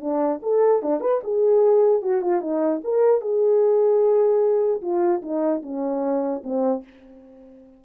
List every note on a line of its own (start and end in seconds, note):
0.00 0.40 D4
0.42 0.82 A4
0.82 1.00 D4
1.00 1.20 B4
1.23 2.02 G#4
2.02 2.21 F#4
2.21 2.41 F4
2.41 2.81 D#4
2.84 3.21 A#4
3.21 4.81 G#4
4.81 5.21 F4
5.21 5.61 D#4
5.62 6.42 C#4
6.43 6.83 C4